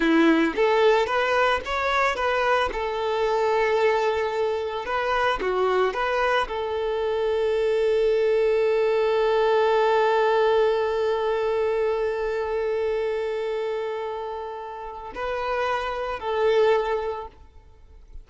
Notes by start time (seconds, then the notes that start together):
0.00 E4
0.55 A4
1.06 B4
1.65 C#5
2.15 B4
2.72 A4
4.85 B4
5.41 F#4
5.93 B4
6.48 A4
15.14 B4
16.19 A4